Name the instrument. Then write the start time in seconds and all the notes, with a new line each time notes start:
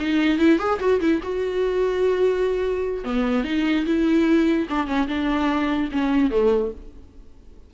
viola
0.00 D#4
0.39 E4
0.59 G#4
0.80 F#4
1.01 E4
1.23 F#4
3.05 B3
3.45 D#4
3.86 E4
4.70 D4
4.87 C#4
5.08 D4
5.92 C#4
6.31 A3